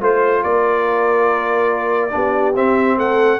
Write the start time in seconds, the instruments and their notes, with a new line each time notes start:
0.00 tuba A3, trombone F4, horn C5, trumpet C5
0.43 tuba A#3, horn A#4, trumpet D5
2.10 tuba B3, trombone D4, horn G4
2.55 trombone C4, tuba C4, trumpet E5
2.97 tuba A3, horn A4, trumpet F#5